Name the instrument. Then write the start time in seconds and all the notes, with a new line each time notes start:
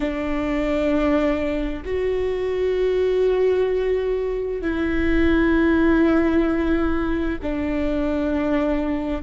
viola
0.00 D4
1.85 F#4
4.61 E4
7.42 D4